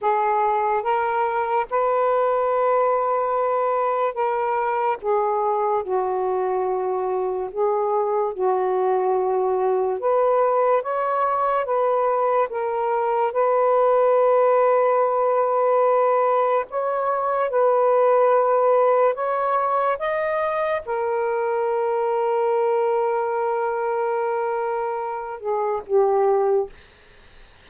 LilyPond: \new Staff \with { instrumentName = "saxophone" } { \time 4/4 \tempo 4 = 72 gis'4 ais'4 b'2~ | b'4 ais'4 gis'4 fis'4~ | fis'4 gis'4 fis'2 | b'4 cis''4 b'4 ais'4 |
b'1 | cis''4 b'2 cis''4 | dis''4 ais'2.~ | ais'2~ ais'8 gis'8 g'4 | }